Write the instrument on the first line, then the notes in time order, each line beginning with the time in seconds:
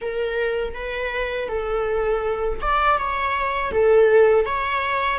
viola
0.01 A#4
0.74 B4
1.48 A4
2.61 D5
2.98 C#5
3.71 A4
4.45 C#5